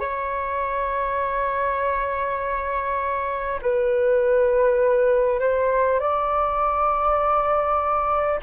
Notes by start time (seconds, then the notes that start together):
0.00 C#5
3.62 B4
5.40 C5
6.00 D5